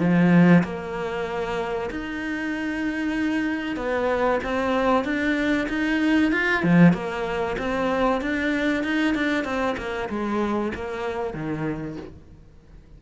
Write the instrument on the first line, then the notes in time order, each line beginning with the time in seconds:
cello
0.00 F3
0.64 A#3
1.91 D#4
3.77 B3
4.44 C4
5.05 D4
5.69 D#4
6.32 F4
6.63 F3
6.94 A#3
7.59 C4
8.22 D4
8.84 D#4
9.15 D4
9.44 C4
9.77 A#3
10.09 G#3
10.75 A#3
11.34 D#3